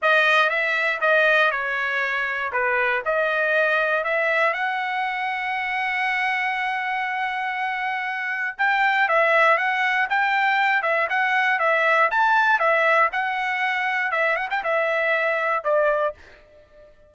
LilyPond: \new Staff \with { instrumentName = "trumpet" } { \time 4/4 \tempo 4 = 119 dis''4 e''4 dis''4 cis''4~ | cis''4 b'4 dis''2 | e''4 fis''2.~ | fis''1~ |
fis''4 g''4 e''4 fis''4 | g''4. e''8 fis''4 e''4 | a''4 e''4 fis''2 | e''8 fis''16 g''16 e''2 d''4 | }